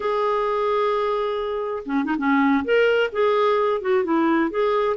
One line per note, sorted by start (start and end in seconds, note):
0.00 1.83 G#4
1.85 2.04 C#4
2.04 2.16 D#4
2.17 2.63 C#4
2.64 3.10 A#4
3.12 3.81 G#4
3.81 4.04 F#4
4.04 4.50 E4
4.50 4.96 G#4